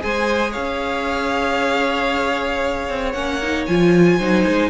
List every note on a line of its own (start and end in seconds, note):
0.00 0.56 G#3
0.00 3.13 G#4
0.00 0.51 C5
0.00 0.53 G#5
0.51 2.89 C#4
0.51 4.16 C#5
0.51 3.12 F5
2.89 3.14 C4
3.12 3.67 A#3
3.12 3.41 C#4
3.12 3.64 F#5
3.42 3.69 D#4
3.66 4.19 F3
3.66 4.20 F4
3.66 4.70 G#5
4.18 4.46 F#3
4.18 4.70 D#4
4.18 4.70 C5
4.47 4.70 G#3